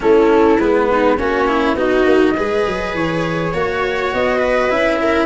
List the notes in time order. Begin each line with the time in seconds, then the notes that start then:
0.00 A3 C#4 E4 A4
0.58 G#3 B3 B4
0.91 D#4
1.16 A#3 C#4 F#4 C#5
1.47 E4
1.75 B3 D#4 F#4 D#5
2.03 A#3
2.36 G#3 G#4 B4
2.67 F#3
2.94 E3 C#5
3.53 A#3 F#4 C#5
4.13 B3 D#5
4.38 B4
4.69 C#4 E4 E5
5.02 A#4